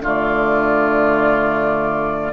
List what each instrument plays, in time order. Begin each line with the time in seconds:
0.00 bassoon D3, clarinet A3, oboe F4, flute D5